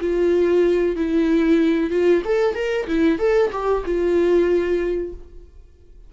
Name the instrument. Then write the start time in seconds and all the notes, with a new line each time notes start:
viola
0.00 F4
0.96 E4
1.90 F4
2.25 A4
2.54 A#4
2.87 E4
3.19 A4
3.52 G4
3.85 F4